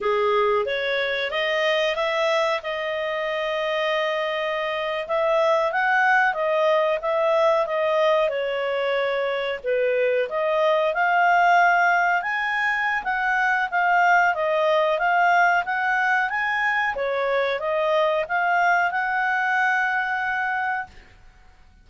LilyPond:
\new Staff \with { instrumentName = "clarinet" } { \time 4/4 \tempo 4 = 92 gis'4 cis''4 dis''4 e''4 | dis''2.~ dis''8. e''16~ | e''8. fis''4 dis''4 e''4 dis''16~ | dis''8. cis''2 b'4 dis''16~ |
dis''8. f''2 gis''4~ gis''16 | fis''4 f''4 dis''4 f''4 | fis''4 gis''4 cis''4 dis''4 | f''4 fis''2. | }